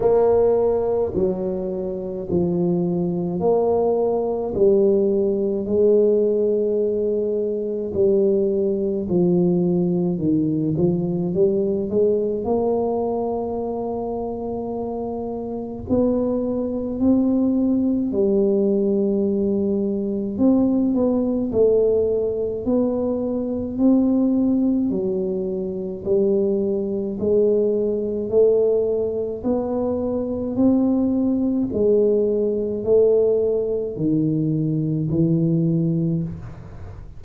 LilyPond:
\new Staff \with { instrumentName = "tuba" } { \time 4/4 \tempo 4 = 53 ais4 fis4 f4 ais4 | g4 gis2 g4 | f4 dis8 f8 g8 gis8 ais4~ | ais2 b4 c'4 |
g2 c'8 b8 a4 | b4 c'4 fis4 g4 | gis4 a4 b4 c'4 | gis4 a4 dis4 e4 | }